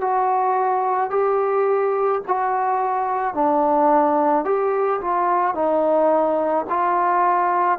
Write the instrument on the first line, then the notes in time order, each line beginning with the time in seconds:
trombone
0.00 F#4
1.10 G4
2.27 F#4
3.34 D4
4.44 G4
5.01 F4
5.54 D#4
6.69 F4